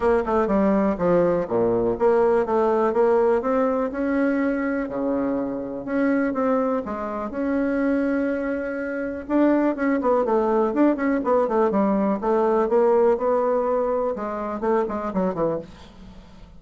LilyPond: \new Staff \with { instrumentName = "bassoon" } { \time 4/4 \tempo 4 = 123 ais8 a8 g4 f4 ais,4 | ais4 a4 ais4 c'4 | cis'2 cis2 | cis'4 c'4 gis4 cis'4~ |
cis'2. d'4 | cis'8 b8 a4 d'8 cis'8 b8 a8 | g4 a4 ais4 b4~ | b4 gis4 a8 gis8 fis8 e8 | }